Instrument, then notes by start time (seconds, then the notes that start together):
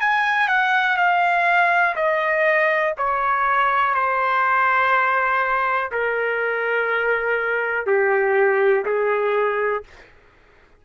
trumpet
0.00 G#5
0.48 F#5
0.96 F5
1.95 D#5
2.97 C#5
3.94 C5
5.92 A#4
7.86 G4
8.85 G#4